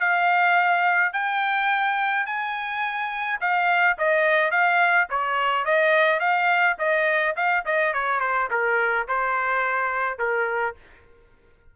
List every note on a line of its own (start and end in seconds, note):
0.00 1.13 F5
1.13 2.26 G5
2.26 3.40 G#5
3.41 3.97 F5
3.98 4.51 D#5
4.51 5.08 F5
5.10 5.66 C#5
5.66 6.20 D#5
6.20 6.77 F5
6.79 7.35 D#5
7.36 7.65 F5
7.65 7.94 D#5
7.94 8.20 C#5
8.20 8.49 C5
8.51 9.07 A#4
9.08 10.19 C5
10.19 10.75 A#4